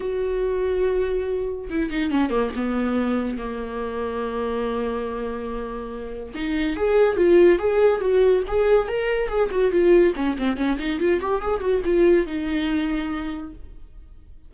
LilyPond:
\new Staff \with { instrumentName = "viola" } { \time 4/4 \tempo 4 = 142 fis'1 | e'8 dis'8 cis'8 ais8 b2 | ais1~ | ais2. dis'4 |
gis'4 f'4 gis'4 fis'4 | gis'4 ais'4 gis'8 fis'8 f'4 | cis'8 c'8 cis'8 dis'8 f'8 g'8 gis'8 fis'8 | f'4 dis'2. | }